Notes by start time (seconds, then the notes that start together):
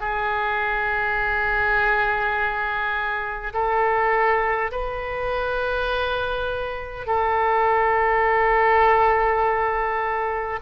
0.00 G#4
3.53 A4
4.71 B4
7.06 A4